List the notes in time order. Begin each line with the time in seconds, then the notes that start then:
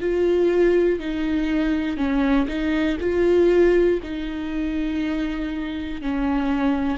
0.00 F4
1.00 D#4
1.97 C#4
2.48 D#4
3.00 F4
4.03 D#4
6.02 C#4